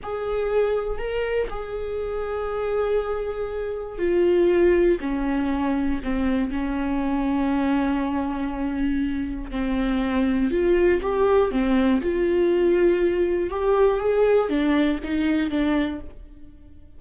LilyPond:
\new Staff \with { instrumentName = "viola" } { \time 4/4 \tempo 4 = 120 gis'2 ais'4 gis'4~ | gis'1 | f'2 cis'2 | c'4 cis'2.~ |
cis'2. c'4~ | c'4 f'4 g'4 c'4 | f'2. g'4 | gis'4 d'4 dis'4 d'4 | }